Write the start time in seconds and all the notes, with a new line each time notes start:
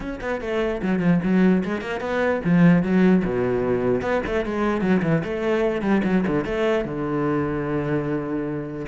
0.00 C#4
0.20 B3
0.40 A3
0.82 F#3
0.99 F3
1.23 F#3
1.64 G#3
1.81 A#3
2.00 B3
2.44 F3
2.82 F#3
3.25 B2
4.01 B3
4.26 A3
4.45 G#3
4.81 F#3
5.02 E3
5.23 A3
5.81 G3
6.04 F#3
6.27 D3
6.44 A3
6.85 D3